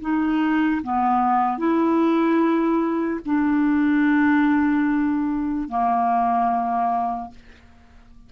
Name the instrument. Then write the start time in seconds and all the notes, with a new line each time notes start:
clarinet
0.00 D#4
0.82 B3
1.58 E4
3.25 D4
5.68 A#3